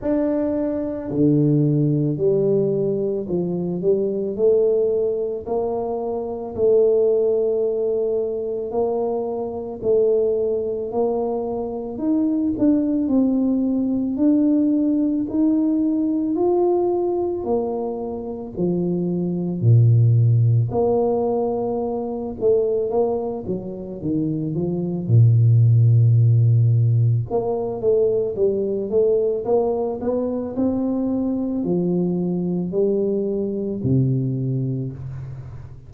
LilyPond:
\new Staff \with { instrumentName = "tuba" } { \time 4/4 \tempo 4 = 55 d'4 d4 g4 f8 g8 | a4 ais4 a2 | ais4 a4 ais4 dis'8 d'8 | c'4 d'4 dis'4 f'4 |
ais4 f4 ais,4 ais4~ | ais8 a8 ais8 fis8 dis8 f8 ais,4~ | ais,4 ais8 a8 g8 a8 ais8 b8 | c'4 f4 g4 c4 | }